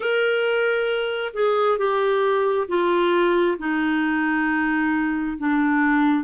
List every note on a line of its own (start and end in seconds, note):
0.00 1.32 A#4
1.33 1.77 G#4
1.77 2.67 G4
2.68 3.57 F4
3.58 5.37 D#4
5.38 6.24 D4